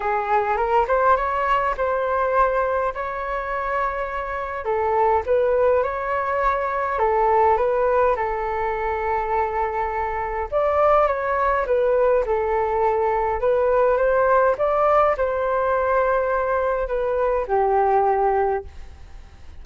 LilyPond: \new Staff \with { instrumentName = "flute" } { \time 4/4 \tempo 4 = 103 gis'4 ais'8 c''8 cis''4 c''4~ | c''4 cis''2. | a'4 b'4 cis''2 | a'4 b'4 a'2~ |
a'2 d''4 cis''4 | b'4 a'2 b'4 | c''4 d''4 c''2~ | c''4 b'4 g'2 | }